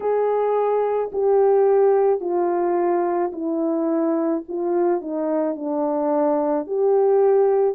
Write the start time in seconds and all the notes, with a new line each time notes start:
0.00 G#4
1.12 G4
2.20 F4
3.32 E4
4.48 F4
5.01 D#4
5.56 D4
6.66 G4